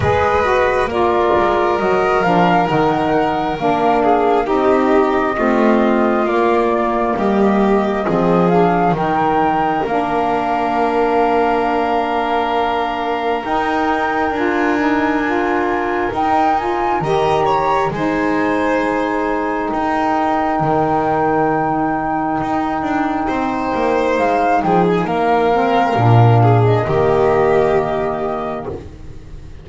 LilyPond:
<<
  \new Staff \with { instrumentName = "flute" } { \time 4/4 \tempo 4 = 67 dis''4 d''4 dis''8 f''8 fis''4 | f''4 dis''2 d''4 | dis''4. f''8 g''4 f''4~ | f''2. g''4 |
gis''2 g''8 gis''8 ais''4 | gis''2 g''2~ | g''2. f''8 g''16 gis''16 | f''4.~ f''16 dis''2~ dis''16 | }
  \new Staff \with { instrumentName = "violin" } { \time 4/4 b'4 ais'2.~ | ais'8 gis'8 g'4 f'2 | g'4 gis'4 ais'2~ | ais'1~ |
ais'2. dis''8 cis''8 | c''2 ais'2~ | ais'2 c''4. gis'8 | ais'4. gis'8 g'2 | }
  \new Staff \with { instrumentName = "saxophone" } { \time 4/4 gis'8 fis'8 f'4 fis'8 d'8 dis'4 | d'4 dis'4 c'4 ais4~ | ais4 c'8 d'8 dis'4 d'4~ | d'2. dis'4 |
f'8 dis'8 f'4 dis'8 f'8 g'4 | dis'1~ | dis'1~ | dis'8 c'8 d'4 ais2 | }
  \new Staff \with { instrumentName = "double bass" } { \time 4/4 gis4 ais8 gis8 fis8 f8 dis4 | ais4 c'4 a4 ais4 | g4 f4 dis4 ais4~ | ais2. dis'4 |
d'2 dis'4 dis4 | gis2 dis'4 dis4~ | dis4 dis'8 d'8 c'8 ais8 gis8 f8 | ais4 ais,4 dis2 | }
>>